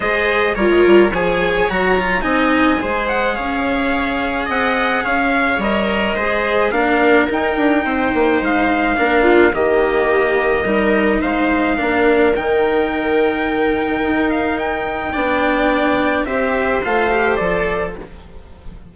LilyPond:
<<
  \new Staff \with { instrumentName = "trumpet" } { \time 4/4 \tempo 4 = 107 dis''4 cis''4 gis''4 ais''4 | gis''4. fis''8 f''2 | fis''4 f''4 dis''2 | f''4 g''2 f''4~ |
f''4 dis''2. | f''2 g''2~ | g''4. f''8 g''2~ | g''4 e''4 f''4 d''4 | }
  \new Staff \with { instrumentName = "viola" } { \time 4/4 c''4 f'4 cis''2 | dis''4 c''4 cis''2 | dis''4 cis''2 c''4 | ais'2 c''2 |
ais'8 f'8 g'2 ais'4 | c''4 ais'2.~ | ais'2. d''4~ | d''4 c''2. | }
  \new Staff \with { instrumentName = "cello" } { \time 4/4 gis'4 ais'4 gis'4 fis'8 f'8 | dis'4 gis'2.~ | gis'2 ais'4 gis'4 | d'4 dis'2. |
d'4 ais2 dis'4~ | dis'4 d'4 dis'2~ | dis'2. d'4~ | d'4 g'4 f'8 g'8 a'4 | }
  \new Staff \with { instrumentName = "bassoon" } { \time 4/4 gis4 g16 gis16 g8 f4 fis4 | c'4 gis4 cis'2 | c'4 cis'4 g4 gis4 | ais4 dis'8 d'8 c'8 ais8 gis4 |
ais4 dis2 g4 | gis4 ais4 dis2~ | dis4 dis'2 b4~ | b4 c'4 a4 f4 | }
>>